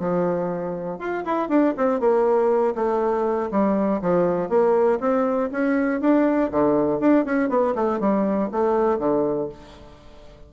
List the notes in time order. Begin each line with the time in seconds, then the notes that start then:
0.00 F3
0.99 F4
1.25 E4
1.49 D4
1.77 C4
2.00 A#3
2.75 A3
3.52 G3
4.02 F3
4.50 A#3
5.00 C4
5.52 C#4
6.01 D4
6.51 D3
7.00 D4
7.25 C#4
7.50 B3
7.75 A3
8.00 G3
8.52 A3
8.99 D3